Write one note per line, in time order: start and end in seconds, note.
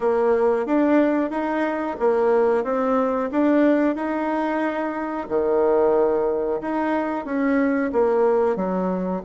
0.00 0.66 A#3
0.66 1.30 D4
1.30 1.96 D#4
1.99 2.64 A#3
2.64 3.30 C4
3.31 3.95 D4
3.95 5.27 D#4
5.29 6.61 D#3
6.61 7.25 D#4
7.25 7.91 C#4
7.92 8.55 A#3
8.55 9.21 F#3